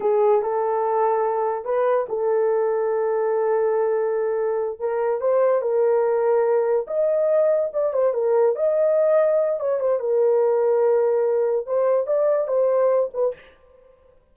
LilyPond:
\new Staff \with { instrumentName = "horn" } { \time 4/4 \tempo 4 = 144 gis'4 a'2. | b'4 a'2.~ | a'2.~ a'8 ais'8~ | ais'8 c''4 ais'2~ ais'8~ |
ais'8 dis''2 d''8 c''8 ais'8~ | ais'8 dis''2~ dis''8 cis''8 c''8 | ais'1 | c''4 d''4 c''4. b'8 | }